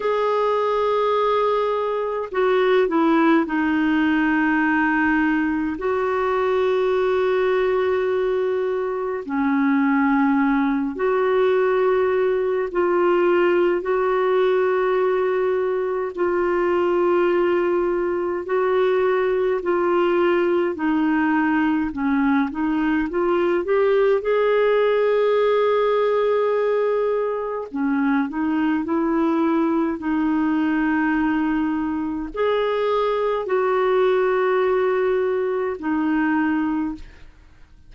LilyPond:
\new Staff \with { instrumentName = "clarinet" } { \time 4/4 \tempo 4 = 52 gis'2 fis'8 e'8 dis'4~ | dis'4 fis'2. | cis'4. fis'4. f'4 | fis'2 f'2 |
fis'4 f'4 dis'4 cis'8 dis'8 | f'8 g'8 gis'2. | cis'8 dis'8 e'4 dis'2 | gis'4 fis'2 dis'4 | }